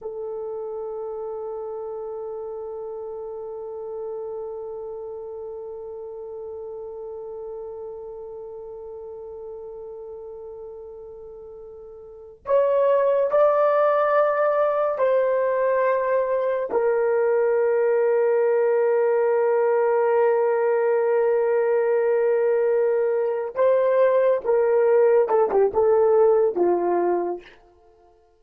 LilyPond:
\new Staff \with { instrumentName = "horn" } { \time 4/4 \tempo 4 = 70 a'1~ | a'1~ | a'1~ | a'2~ a'8 cis''4 d''8~ |
d''4. c''2 ais'8~ | ais'1~ | ais'2.~ ais'8 c''8~ | c''8 ais'4 a'16 g'16 a'4 f'4 | }